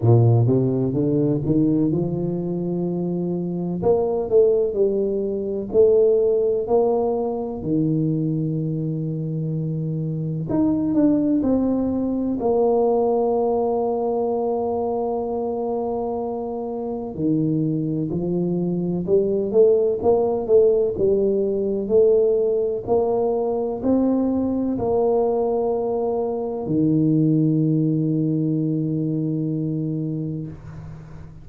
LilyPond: \new Staff \with { instrumentName = "tuba" } { \time 4/4 \tempo 4 = 63 ais,8 c8 d8 dis8 f2 | ais8 a8 g4 a4 ais4 | dis2. dis'8 d'8 | c'4 ais2.~ |
ais2 dis4 f4 | g8 a8 ais8 a8 g4 a4 | ais4 c'4 ais2 | dis1 | }